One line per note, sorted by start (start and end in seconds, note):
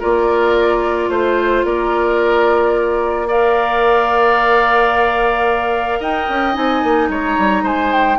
0.00 1.10 A#3
0.00 3.28 F4
0.00 1.09 A#4
0.00 1.10 D5
1.10 1.64 A3
1.10 1.65 C5
1.10 1.66 C5
1.65 6.00 A#3
1.65 3.28 A#4
1.65 3.29 D5
3.28 6.54 A#4
3.28 6.00 D5
3.28 6.03 F5
6.00 6.28 D#4
6.00 7.09 D#5
6.00 6.55 G5
6.29 6.56 C#4
6.54 6.84 C4
6.54 8.18 D#4
6.54 7.10 G#5
6.84 7.09 A#3
7.09 7.36 G#3
7.09 7.63 C#5
7.09 7.67 A#5
7.38 7.63 G3
7.63 8.17 G#3
7.63 8.18 C5
7.63 7.93 G#5
7.93 8.19 G5